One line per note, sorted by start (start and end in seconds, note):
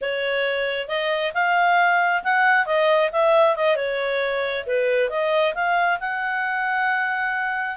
0.01 0.88 C#5
0.88 1.32 D#5
1.34 2.23 F5
2.23 2.66 F#5
2.66 3.10 D#5
3.12 3.56 E5
3.56 3.76 D#5
3.76 4.65 C#5
4.66 5.09 B4
5.09 5.54 D#5
5.54 5.99 F5
5.99 7.76 F#5